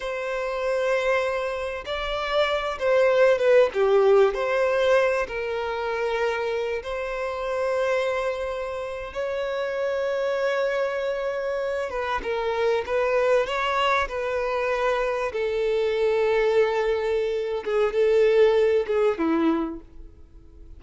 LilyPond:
\new Staff \with { instrumentName = "violin" } { \time 4/4 \tempo 4 = 97 c''2. d''4~ | d''8 c''4 b'8 g'4 c''4~ | c''8 ais'2~ ais'8 c''4~ | c''2~ c''8. cis''4~ cis''16~ |
cis''2.~ cis''16 b'8 ais'16~ | ais'8. b'4 cis''4 b'4~ b'16~ | b'8. a'2.~ a'16~ | a'8 gis'8 a'4. gis'8 e'4 | }